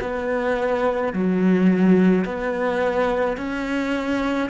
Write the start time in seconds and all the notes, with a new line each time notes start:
0.00 B3
1.13 F#3
2.24 B3
3.37 C#4